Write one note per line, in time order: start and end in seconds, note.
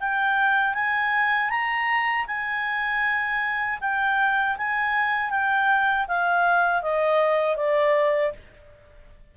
0.00 0.74 G5
0.74 1.50 G#5
1.50 2.26 A#5
2.27 3.79 G#5
3.80 4.56 G5
4.57 5.30 G#5
5.30 6.06 G5
6.08 6.82 F5
6.82 7.56 D#5
7.56 8.32 D5